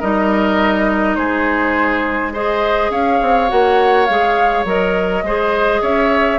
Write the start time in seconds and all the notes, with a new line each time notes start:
0.00 G3 D#4 A#4 D#5
1.15 G#3 G#4 C5
2.33 G#4 C5 D#5
2.90 C#4 C#5 F5
3.22 C4
3.48 A#3 F#4 F#5
4.06 G#3 G#4 F5
4.65 F#3 A#4 D#5
5.23 G#3 G#4 C5
5.82 C#4 C#5 E5